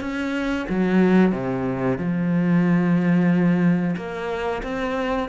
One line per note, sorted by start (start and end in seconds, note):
0.00 0.66 C#4
0.69 1.32 F#3
1.32 1.98 C3
1.98 3.95 F3
3.96 4.62 A#3
4.63 5.29 C4